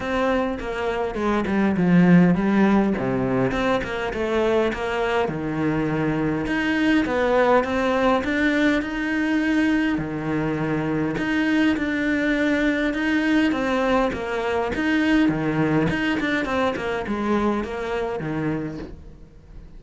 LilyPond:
\new Staff \with { instrumentName = "cello" } { \time 4/4 \tempo 4 = 102 c'4 ais4 gis8 g8 f4 | g4 c4 c'8 ais8 a4 | ais4 dis2 dis'4 | b4 c'4 d'4 dis'4~ |
dis'4 dis2 dis'4 | d'2 dis'4 c'4 | ais4 dis'4 dis4 dis'8 d'8 | c'8 ais8 gis4 ais4 dis4 | }